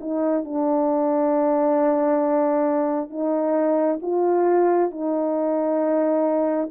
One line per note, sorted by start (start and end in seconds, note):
0.00 0.44 D#4
0.44 3.10 D4
3.10 3.99 D#4
4.01 4.91 F4
4.91 6.70 D#4